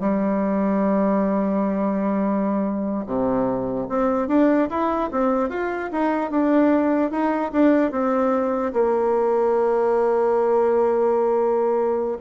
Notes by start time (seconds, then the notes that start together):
0.00 G3
3.06 C3
3.89 C4
4.28 D4
4.70 E4
5.11 C4
5.49 F4
5.92 D#4
6.30 D4
7.11 D#4
7.52 D4
7.91 C4
8.73 A#3